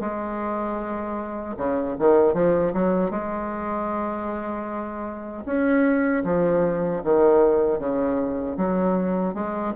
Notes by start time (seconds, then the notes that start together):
0.00 G#3
1.57 C#3
1.99 D#3
2.34 F3
2.73 F#3
3.10 G#3
5.45 C#4
6.24 F3
7.04 D#3
7.79 C#3
8.57 F#3
9.34 G#3